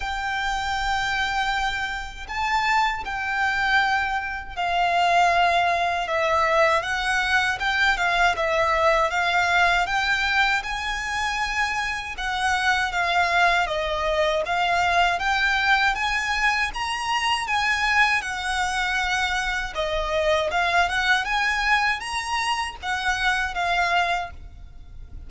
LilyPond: \new Staff \with { instrumentName = "violin" } { \time 4/4 \tempo 4 = 79 g''2. a''4 | g''2 f''2 | e''4 fis''4 g''8 f''8 e''4 | f''4 g''4 gis''2 |
fis''4 f''4 dis''4 f''4 | g''4 gis''4 ais''4 gis''4 | fis''2 dis''4 f''8 fis''8 | gis''4 ais''4 fis''4 f''4 | }